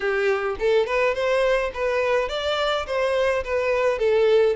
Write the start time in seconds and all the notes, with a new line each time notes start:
0.00 G4
0.59 A4
0.86 B4
1.14 C5
1.74 B4
2.29 D5
2.86 C5
3.43 B4
3.98 A4